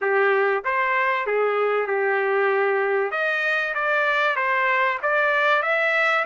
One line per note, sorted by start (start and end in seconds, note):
0.01 0.63 G4
0.64 1.26 C5
1.26 1.86 G#4
1.86 3.11 G4
3.11 3.73 D#5
3.74 4.36 D5
4.36 4.98 C5
5.02 5.62 D5
5.62 6.24 E5